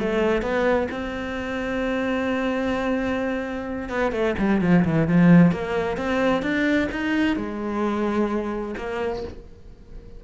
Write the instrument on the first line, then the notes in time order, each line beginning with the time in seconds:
cello
0.00 A3
0.42 B3
0.91 C4
3.90 B3
4.12 A3
4.38 G3
4.62 F3
4.85 E3
5.08 F3
5.52 A#3
5.97 C4
6.43 D4
6.92 D#4
7.37 G#3
8.78 A#3